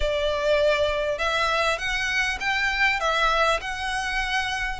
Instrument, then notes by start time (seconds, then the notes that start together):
violin
0.00 D5
1.18 E5
1.78 F#5
2.39 G5
3.00 E5
3.61 F#5